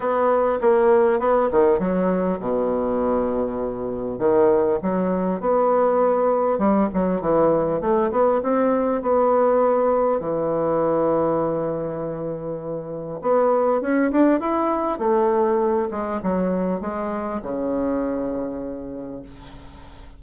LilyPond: \new Staff \with { instrumentName = "bassoon" } { \time 4/4 \tempo 4 = 100 b4 ais4 b8 dis8 fis4 | b,2. dis4 | fis4 b2 g8 fis8 | e4 a8 b8 c'4 b4~ |
b4 e2.~ | e2 b4 cis'8 d'8 | e'4 a4. gis8 fis4 | gis4 cis2. | }